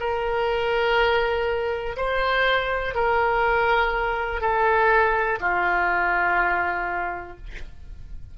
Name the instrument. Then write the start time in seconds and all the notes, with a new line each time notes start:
oboe
0.00 A#4
1.97 C5
2.95 A#4
4.41 A4
5.41 F4